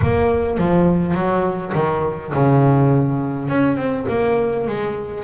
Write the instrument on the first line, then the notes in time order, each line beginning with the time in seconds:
double bass
0.02 A#3
0.57 F3
1.14 F#3
1.74 D#3
2.33 C#3
3.48 C#4
3.76 C4
4.08 A#3
4.67 G#3